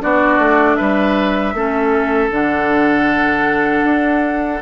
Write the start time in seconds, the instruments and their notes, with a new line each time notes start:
0.00 bassoon B3, clarinet D4, oboe F#4, flute D5
0.38 bassoon A3
0.75 bassoon G3, oboe B4, flute E5
1.53 bassoon A3, clarinet C#4, oboe A4
2.30 bassoon D3, clarinet D4, flute F#5
3.83 bassoon D4